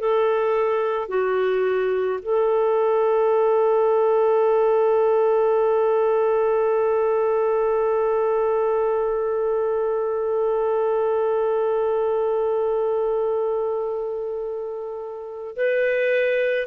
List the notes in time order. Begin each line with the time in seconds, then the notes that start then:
0.00 A4
1.09 F#4
2.23 A4
15.57 B4